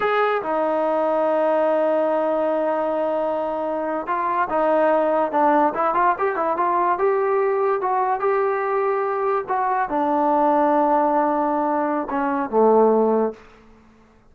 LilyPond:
\new Staff \with { instrumentName = "trombone" } { \time 4/4 \tempo 4 = 144 gis'4 dis'2.~ | dis'1~ | dis'4.~ dis'16 f'4 dis'4~ dis'16~ | dis'8. d'4 e'8 f'8 g'8 e'8 f'16~ |
f'8. g'2 fis'4 g'16~ | g'2~ g'8. fis'4 d'16~ | d'1~ | d'4 cis'4 a2 | }